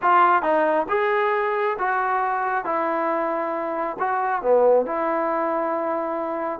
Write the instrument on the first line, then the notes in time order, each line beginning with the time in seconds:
trombone
0.02 F4
0.42 D#4
0.88 G#4
1.78 F#4
2.64 E4
3.99 F#4
4.41 B3
4.86 E4